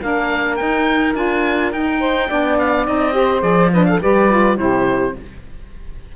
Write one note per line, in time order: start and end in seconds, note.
0.00 0.60 A#3
0.00 0.58 D4
0.00 2.00 A#4
0.00 0.56 F5
0.56 1.15 D#4
0.56 1.13 G5
1.15 1.72 D4
1.15 1.72 F4
1.15 1.73 G#5
1.72 2.29 D#4
1.72 2.30 D#4
1.72 2.58 G5
2.00 2.28 C5
2.28 2.87 B3
2.28 2.86 D4
2.28 3.14 D5
2.58 2.86 F5
2.86 3.42 C4
2.86 3.13 D#4
2.86 3.42 D#5
3.13 3.40 G4
3.13 3.71 C5
3.40 3.99 F3
3.40 3.68 G#4
3.40 3.70 D5
3.72 4.01 D4
3.72 3.87 B4
3.72 3.85 D#5
3.85 4.01 A4
3.85 3.99 F5
4.01 4.57 G3
4.01 4.29 G4
4.01 4.58 B4
4.01 4.57 D5
4.29 4.57 F4
4.57 5.15 C3
4.57 5.14 E4
4.57 5.15 G4
4.57 5.15 C5